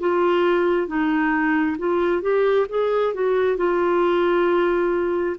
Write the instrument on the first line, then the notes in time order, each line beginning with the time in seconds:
clarinet
0.00 F4
0.87 D#4
1.78 F4
2.22 G4
2.69 G#4
3.14 F#4
3.57 F4